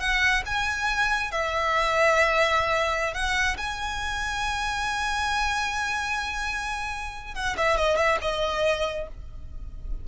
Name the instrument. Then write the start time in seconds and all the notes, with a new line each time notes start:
violin
0.00 F#5
0.46 G#5
1.31 E5
3.14 F#5
3.58 G#5
7.35 F#5
7.57 E5
7.77 D#5
7.97 E5
8.22 D#5